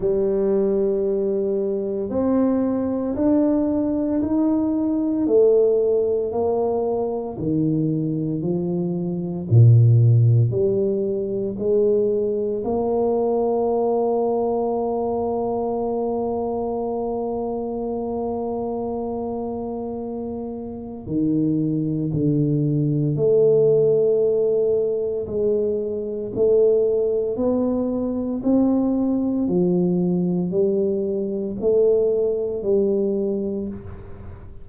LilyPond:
\new Staff \with { instrumentName = "tuba" } { \time 4/4 \tempo 4 = 57 g2 c'4 d'4 | dis'4 a4 ais4 dis4 | f4 ais,4 g4 gis4 | ais1~ |
ais1 | dis4 d4 a2 | gis4 a4 b4 c'4 | f4 g4 a4 g4 | }